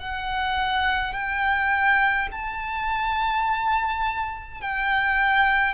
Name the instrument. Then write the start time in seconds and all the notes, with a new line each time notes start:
violin
0.00 F#5
1.13 G5
2.32 A5
4.62 G5